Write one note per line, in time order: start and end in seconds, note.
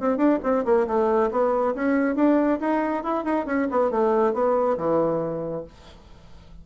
0.00 0.17 C4
0.17 0.39 D4
0.43 0.65 C4
0.65 0.87 A#3
0.87 1.31 A3
1.31 1.75 B3
1.75 2.16 C#4
2.16 2.59 D4
2.60 3.04 D#4
3.04 3.25 E4
3.25 3.46 D#4
3.46 3.68 C#4
3.71 3.91 B3
3.91 4.34 A3
4.34 4.77 B3
4.77 5.64 E3